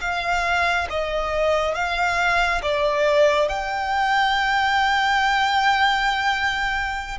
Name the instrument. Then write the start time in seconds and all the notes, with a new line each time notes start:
violin
0.00 F5
0.89 D#5
1.74 F5
2.62 D5
3.48 G5